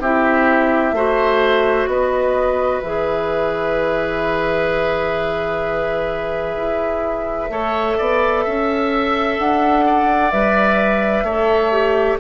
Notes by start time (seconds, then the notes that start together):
0.00 C4 E4 G4 E5
0.93 A3 F#4 C5
1.87 B3 B4 D#5
2.80 E3 G#4 E5
6.56 E4
7.50 A3 A4 C#5
7.97 B3 D5
8.44 C#4 E5
9.38 D4 F#5
9.87 D5
10.31 G3 B4 E5
11.23 A3 A4 C#5
11.72 G4